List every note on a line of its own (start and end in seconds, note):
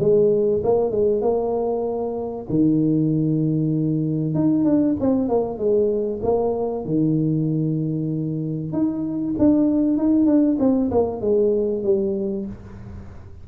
0.00 0.62 G#3
0.64 0.91 A#3
0.91 1.21 G#3
1.21 2.46 A#3
2.49 4.35 D#3
4.35 4.65 D#4
4.65 4.96 D4
5.01 5.29 C4
5.29 5.58 A#3
5.58 6.21 G#3
6.23 6.85 A#3
6.85 8.72 D#3
8.72 9.35 D#4
9.38 9.97 D4
9.97 10.26 D#4
10.26 10.57 D4
10.59 10.91 C4
10.91 11.21 A#3
11.21 11.83 G#3
11.83 12.46 G3